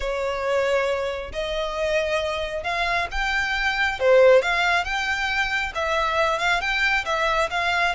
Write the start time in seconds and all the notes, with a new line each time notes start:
0.00 C#5
1.32 D#5
2.63 F5
3.11 G5
3.99 C5
4.42 F5
4.84 G5
5.74 E5
6.38 F5
6.60 G5
7.05 E5
7.50 F5